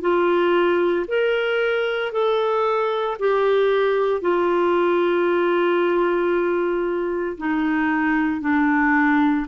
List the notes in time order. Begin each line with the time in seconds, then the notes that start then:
0.00 F4
1.07 A#4
2.11 A4
3.19 G4
4.21 F4
7.37 D#4
8.41 D4